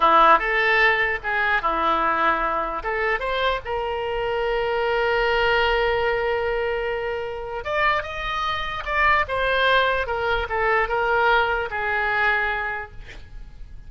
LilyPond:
\new Staff \with { instrumentName = "oboe" } { \time 4/4 \tempo 4 = 149 e'4 a'2 gis'4 | e'2. a'4 | c''4 ais'2.~ | ais'1~ |
ais'2. d''4 | dis''2 d''4 c''4~ | c''4 ais'4 a'4 ais'4~ | ais'4 gis'2. | }